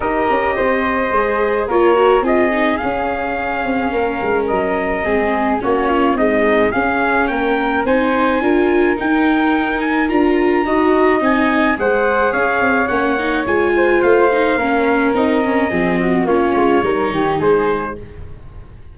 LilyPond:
<<
  \new Staff \with { instrumentName = "trumpet" } { \time 4/4 \tempo 4 = 107 dis''2. cis''4 | dis''4 f''2. | dis''2 cis''4 dis''4 | f''4 g''4 gis''2 |
g''4. gis''8 ais''2 | gis''4 fis''4 f''4 fis''4 | gis''4 f''2 dis''4~ | dis''4 cis''2 c''4 | }
  \new Staff \with { instrumentName = "flute" } { \time 4/4 ais'4 c''2 ais'4 | gis'2. ais'4~ | ais'4 gis'4 fis'8 f'8 dis'4 | gis'4 ais'4 c''4 ais'4~ |
ais'2. dis''4~ | dis''4 c''4 cis''2~ | cis''8 c''4. ais'2 | gis'8 fis'8 f'4 ais'8 g'8 gis'4 | }
  \new Staff \with { instrumentName = "viola" } { \time 4/4 g'2 gis'4 f'8 fis'8 | f'8 dis'8 cis'2.~ | cis'4 c'4 cis'4 gis4 | cis'2 dis'4 f'4 |
dis'2 f'4 fis'4 | dis'4 gis'2 cis'8 dis'8 | f'4. dis'8 cis'4 dis'8 cis'8 | c'4 cis'4 dis'2 | }
  \new Staff \with { instrumentName = "tuba" } { \time 4/4 dis'8 cis'8 c'4 gis4 ais4 | c'4 cis'4. c'8 ais8 gis8 | fis4 gis4 ais4 c'4 | cis'4 ais4 c'4 d'4 |
dis'2 d'4 dis'4 | c'4 gis4 cis'8 c'8 ais4 | gis4 a4 ais4 c'4 | f4 ais8 gis8 g8 dis8 gis4 | }
>>